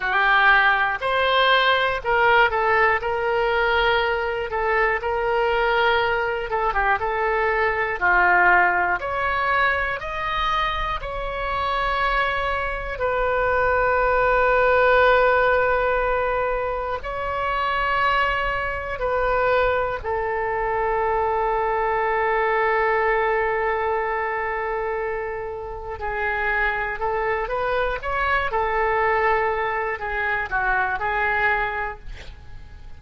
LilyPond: \new Staff \with { instrumentName = "oboe" } { \time 4/4 \tempo 4 = 60 g'4 c''4 ais'8 a'8 ais'4~ | ais'8 a'8 ais'4. a'16 g'16 a'4 | f'4 cis''4 dis''4 cis''4~ | cis''4 b'2.~ |
b'4 cis''2 b'4 | a'1~ | a'2 gis'4 a'8 b'8 | cis''8 a'4. gis'8 fis'8 gis'4 | }